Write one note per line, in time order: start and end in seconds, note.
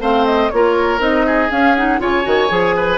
0.00 0.50 A3
0.00 0.51 C4
0.00 0.51 C5
0.00 0.26 F5
0.26 0.50 D#5
0.50 0.99 A#3
0.50 0.99 F4
0.50 1.26 A#4
0.50 1.00 C#5
0.99 1.49 C4
0.99 1.49 D#4
0.99 1.51 D#5
1.26 2.01 G#4
1.51 1.76 C#4
1.51 2.00 C#4
1.51 1.75 F5
1.75 1.99 D#4
1.75 2.00 F#5
1.99 2.25 C#3
1.99 2.23 F4
1.99 2.76 C#5
1.99 2.98 G#5
2.23 2.50 D#3
2.23 2.48 F#4
2.49 2.98 F3
2.49 2.98 G#4
2.77 2.98 B4